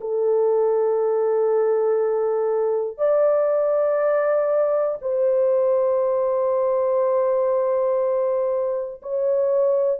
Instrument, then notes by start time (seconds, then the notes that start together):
horn
0.00 A4
2.98 D5
5.01 C5
9.02 C#5